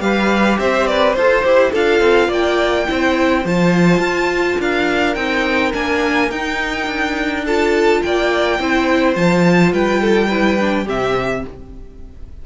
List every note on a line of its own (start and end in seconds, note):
0.00 0.58 G3
0.00 1.14 G4
0.00 0.60 B4
0.00 0.58 F5
0.59 1.16 C4
0.59 0.89 C5
0.59 0.88 E5
0.88 1.18 B4
0.88 1.13 D5
1.13 1.45 F4
1.13 1.44 A4
1.13 1.70 C5
1.13 1.72 C5
1.44 1.74 E4
1.44 1.73 G4
1.72 2.01 D4
1.72 2.86 F4
1.72 2.28 A4
1.72 2.32 F5
2.01 2.29 C4
2.28 2.86 A#3
2.28 2.85 D5
2.28 3.47 G5
2.86 3.45 C4
2.86 3.43 E4
2.86 4.60 C5
3.45 3.99 F3
3.45 5.15 F4
3.45 4.61 A5
3.99 4.56 F4
4.60 5.16 D4
4.60 7.45 A#4
4.60 5.15 F5
5.15 5.74 C4
5.15 5.72 D#4
5.15 5.72 G5
5.73 6.32 A#3
5.73 6.30 D4
5.73 6.31 G#5
6.30 7.45 D#4
6.30 6.87 D#4
6.30 7.45 G5
6.87 8.01 D4
7.45 8.60 F4
7.45 8.02 A4
7.45 8.02 A5
8.02 8.59 A#3
8.02 8.60 D5
8.02 9.16 G5
8.59 9.16 C4
8.59 9.15 E4
8.59 9.73 C5
9.15 9.72 F3
9.15 10.29 F4
9.15 9.73 A5
9.72 10.87 G3
9.72 10.02 B4
9.72 10.88 G5
10.02 10.29 A4
10.29 10.60 E4
10.29 10.85 B4
10.60 10.86 D4
10.85 11.45 C3
10.85 11.43 C4
10.85 11.42 G4
10.85 11.46 E5